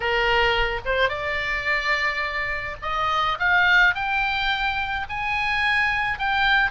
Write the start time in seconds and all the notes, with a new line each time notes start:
0.00 A#4
0.85 C5
1.08 D5
2.82 D#5
3.39 F5
3.94 G5
5.09 G#5
6.18 G5